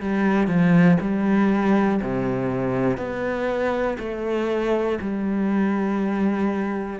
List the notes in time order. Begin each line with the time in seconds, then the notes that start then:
0.00 G3
0.47 F3
1.00 G3
2.02 C3
2.97 B3
3.99 A3
5.00 G3